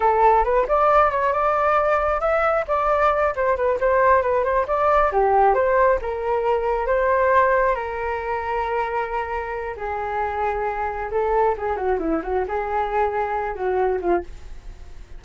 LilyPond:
\new Staff \with { instrumentName = "flute" } { \time 4/4 \tempo 4 = 135 a'4 b'8 d''4 cis''8 d''4~ | d''4 e''4 d''4. c''8 | b'8 c''4 b'8 c''8 d''4 g'8~ | g'8 c''4 ais'2 c''8~ |
c''4. ais'2~ ais'8~ | ais'2 gis'2~ | gis'4 a'4 gis'8 fis'8 e'8 fis'8 | gis'2~ gis'8 fis'4 f'8 | }